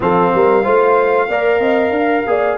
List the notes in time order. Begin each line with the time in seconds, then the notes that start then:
0.00 F3 C4 A4 F5
0.34 G3 A#4
0.63 A3 F4 C5
1.28 A#3 A#4 D5
1.59 C4 D#5
1.90 D4 F5
2.26 A#3 G#4 D5